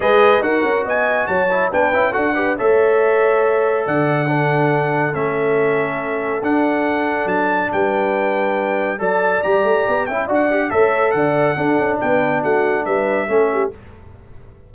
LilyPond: <<
  \new Staff \with { instrumentName = "trumpet" } { \time 4/4 \tempo 4 = 140 dis''4 fis''4 gis''4 a''4 | g''4 fis''4 e''2~ | e''4 fis''2. | e''2. fis''4~ |
fis''4 a''4 g''2~ | g''4 a''4 ais''4. g''8 | fis''4 e''4 fis''2 | g''4 fis''4 e''2 | }
  \new Staff \with { instrumentName = "horn" } { \time 4/4 b'4 ais'4 dis''4 cis''4 | b'4 a'8 b'8 cis''2~ | cis''4 d''4 a'2~ | a'1~ |
a'2 b'2~ | b'4 d''2~ d''8 e''8 | d''4 cis''4 d''4 a'4 | b'4 fis'4 b'4 a'8 g'8 | }
  \new Staff \with { instrumentName = "trombone" } { \time 4/4 gis'4 fis'2~ fis'8 e'8 | d'8 e'8 fis'8 g'8 a'2~ | a'2 d'2 | cis'2. d'4~ |
d'1~ | d'4 a'4 g'4. e'8 | fis'8 g'8 a'2 d'4~ | d'2. cis'4 | }
  \new Staff \with { instrumentName = "tuba" } { \time 4/4 gis4 dis'8 cis'8 b4 fis4 | b8 cis'8 d'4 a2~ | a4 d2. | a2. d'4~ |
d'4 fis4 g2~ | g4 fis4 g8 a8 b8 cis'8 | d'4 a4 d4 d'8 cis'8 | b4 a4 g4 a4 | }
>>